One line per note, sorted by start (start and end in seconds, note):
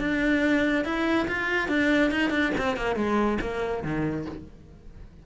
0.00 0.85 D4
0.85 1.27 E4
1.28 1.69 F4
1.69 2.11 D4
2.11 2.30 D#4
2.30 2.52 D4
2.58 2.77 C4
2.77 2.96 A#3
2.96 3.38 G#3
3.41 3.84 A#3
3.84 4.26 D#3